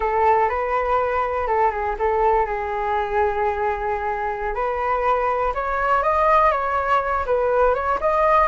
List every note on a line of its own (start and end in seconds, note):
0.00 0.49 A4
0.49 1.47 B4
1.47 1.71 A4
1.71 1.95 G#4
1.98 2.46 A4
2.46 4.54 G#4
4.54 5.53 B4
5.54 6.02 C#5
6.02 6.51 D#5
6.51 7.25 C#5
7.26 7.74 B4
7.74 7.99 C#5
8.00 8.47 D#5